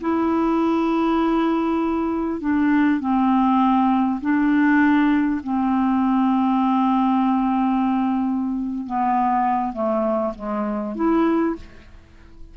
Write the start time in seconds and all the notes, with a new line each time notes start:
0.00 E4
2.40 D4
3.00 C4
4.21 D4
5.43 C4
8.86 B3
9.73 A3
10.35 G#3
10.95 E4